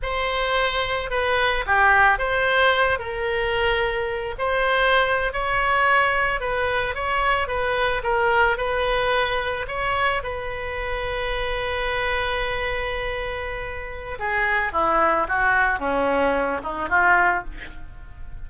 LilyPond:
\new Staff \with { instrumentName = "oboe" } { \time 4/4 \tempo 4 = 110 c''2 b'4 g'4 | c''4. ais'2~ ais'8 | c''4.~ c''16 cis''2 b'16~ | b'8. cis''4 b'4 ais'4 b'16~ |
b'4.~ b'16 cis''4 b'4~ b'16~ | b'1~ | b'2 gis'4 e'4 | fis'4 cis'4. dis'8 f'4 | }